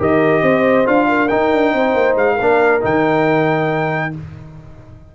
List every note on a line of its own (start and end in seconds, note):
0.00 0.43 D#3
0.00 0.85 G4
0.00 0.42 A#4
0.00 0.87 D#5
0.42 0.86 C4
0.42 1.07 C5
0.85 1.31 D4
0.85 1.29 F4
0.85 1.28 F5
1.09 1.74 A#4
1.28 2.39 D#4
1.28 1.53 D#4
1.28 2.15 G5
1.53 1.74 D4
1.74 1.95 C4
1.74 2.36 C5
1.95 2.16 A#3
2.16 2.38 G#3
2.16 2.83 F5
2.36 2.84 A#3
2.36 2.81 D4
2.36 4.10 A#4
2.81 4.15 D#3
2.81 4.12 D#4
2.81 4.15 G5